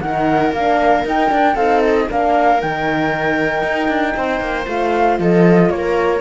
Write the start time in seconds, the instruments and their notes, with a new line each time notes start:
0.00 cello D#3, horn D#4, viola A#4, flute F#5
0.52 cello A#3, horn D4, flute F5
1.05 cello D#4, horn D#4, flute G5
1.29 horn D4, cello D4
1.55 cello C4, horn D#4, viola A4, flute F5
1.83 flute D#5
2.08 cello A#3, horn D4, viola A#4, flute F5
2.59 cello D#3, horn D#4, flute G5
3.63 cello D#4
3.88 cello D4
4.17 cello C4, viola C5
4.40 cello A#3
4.66 cello A3, horn F4, flute F5
5.19 cello F3, viola A4, flute D#5
5.70 cello A#3, viola A#4, flute C#5